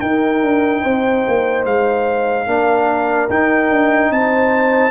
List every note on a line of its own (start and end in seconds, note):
0.00 0.42 D#4
0.00 2.47 D#4
0.00 0.81 A#4
0.00 1.64 G5
0.42 0.83 D4
0.81 1.25 C4
0.81 2.45 C5
1.27 1.65 A#3
1.65 2.46 G#3
1.65 3.30 F5
2.46 3.28 A#3
2.46 3.29 D4
2.46 4.12 A#4
3.29 3.70 D#4
3.29 4.91 D#4
3.29 4.12 G5
3.70 4.10 D4
4.10 4.91 C4
4.10 4.91 C5
4.10 4.91 A5